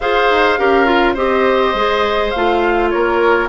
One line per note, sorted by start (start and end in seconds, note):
0.00 0.30 F4
0.00 0.58 G#4
0.00 0.59 C5
0.00 1.16 F5
0.30 0.59 D#4
0.58 1.16 C#4
0.58 0.86 G4
0.58 1.13 A#4
0.86 1.15 F4
1.13 1.74 C4
1.13 1.75 G4
1.13 2.88 C5
1.13 2.30 D#5
1.74 2.32 G#3
1.74 2.34 G#4
2.30 2.93 A3
2.30 3.48 F4
2.30 2.89 F5
2.89 3.48 A#3
2.89 3.48 A#4
2.89 3.48 C#5